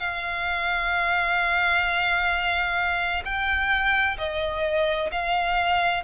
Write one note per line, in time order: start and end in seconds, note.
0.00 3.23 F5
3.25 4.17 G5
4.18 5.11 D#5
5.12 6.04 F5